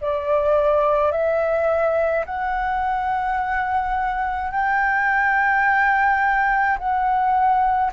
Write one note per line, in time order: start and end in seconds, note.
0.00 1.11 D5
1.11 2.24 E5
2.25 4.51 F#5
4.51 6.77 G5
6.78 7.91 F#5